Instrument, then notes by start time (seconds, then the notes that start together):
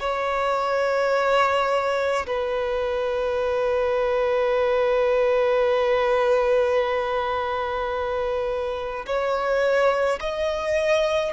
violin
0.00 C#5
2.27 B4
9.07 C#5
10.20 D#5